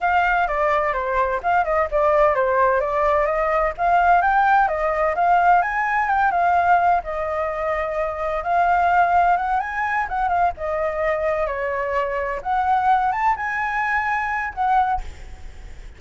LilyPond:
\new Staff \with { instrumentName = "flute" } { \time 4/4 \tempo 4 = 128 f''4 d''4 c''4 f''8 dis''8 | d''4 c''4 d''4 dis''4 | f''4 g''4 dis''4 f''4 | gis''4 g''8 f''4. dis''4~ |
dis''2 f''2 | fis''8 gis''4 fis''8 f''8 dis''4.~ | dis''8 cis''2 fis''4. | a''8 gis''2~ gis''8 fis''4 | }